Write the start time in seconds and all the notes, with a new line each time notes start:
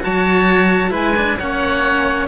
0.00 F#3 F#4 C#5 A5
0.90 G#3 E4 B4 G#5
1.16 D4
1.39 A#3 C#4 C#5 F#5